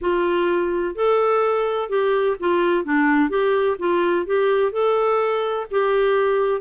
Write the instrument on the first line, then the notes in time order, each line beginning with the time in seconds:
clarinet
0.01 F4
0.95 A4
1.89 G4
2.39 F4
2.85 D4
3.29 G4
3.78 F4
4.26 G4
4.71 A4
5.70 G4